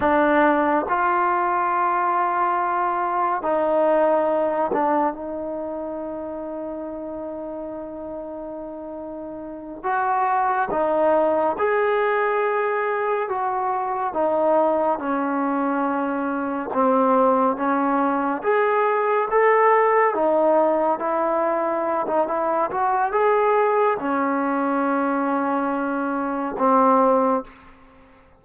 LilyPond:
\new Staff \with { instrumentName = "trombone" } { \time 4/4 \tempo 4 = 70 d'4 f'2. | dis'4. d'8 dis'2~ | dis'2.~ dis'8 fis'8~ | fis'8 dis'4 gis'2 fis'8~ |
fis'8 dis'4 cis'2 c'8~ | c'8 cis'4 gis'4 a'4 dis'8~ | dis'8 e'4~ e'16 dis'16 e'8 fis'8 gis'4 | cis'2. c'4 | }